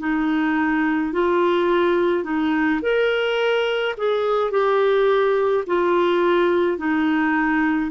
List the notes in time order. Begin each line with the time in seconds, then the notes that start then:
0.00 D#4
1.13 F4
2.24 D#4
2.82 A#4
3.98 G#4
4.51 G4
5.67 F4
6.78 D#4